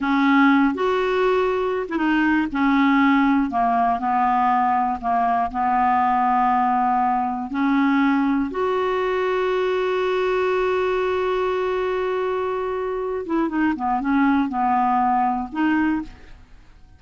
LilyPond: \new Staff \with { instrumentName = "clarinet" } { \time 4/4 \tempo 4 = 120 cis'4. fis'2~ fis'16 e'16 | dis'4 cis'2 ais4 | b2 ais4 b4~ | b2. cis'4~ |
cis'4 fis'2.~ | fis'1~ | fis'2~ fis'8 e'8 dis'8 b8 | cis'4 b2 dis'4 | }